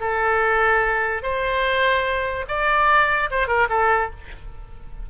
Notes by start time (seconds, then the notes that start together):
0.00 A4
1.23 C5
2.48 D5
3.30 C5
3.47 A#4
3.69 A4